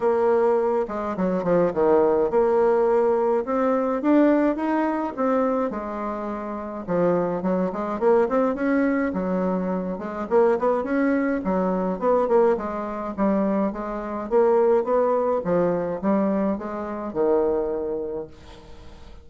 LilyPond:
\new Staff \with { instrumentName = "bassoon" } { \time 4/4 \tempo 4 = 105 ais4. gis8 fis8 f8 dis4 | ais2 c'4 d'4 | dis'4 c'4 gis2 | f4 fis8 gis8 ais8 c'8 cis'4 |
fis4. gis8 ais8 b8 cis'4 | fis4 b8 ais8 gis4 g4 | gis4 ais4 b4 f4 | g4 gis4 dis2 | }